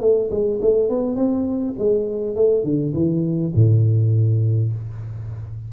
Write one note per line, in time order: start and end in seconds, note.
0.00 0.29 A3
0.30 0.60 G#3
0.61 0.89 A3
0.89 1.15 B3
1.15 1.74 C4
1.78 2.35 G#3
2.35 2.63 A3
2.63 2.93 D3
2.93 3.52 E3
3.54 4.72 A2